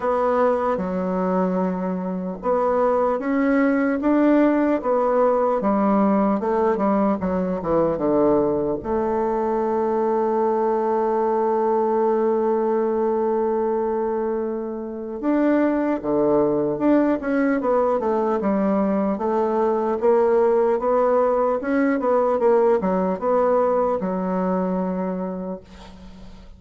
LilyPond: \new Staff \with { instrumentName = "bassoon" } { \time 4/4 \tempo 4 = 75 b4 fis2 b4 | cis'4 d'4 b4 g4 | a8 g8 fis8 e8 d4 a4~ | a1~ |
a2. d'4 | d4 d'8 cis'8 b8 a8 g4 | a4 ais4 b4 cis'8 b8 | ais8 fis8 b4 fis2 | }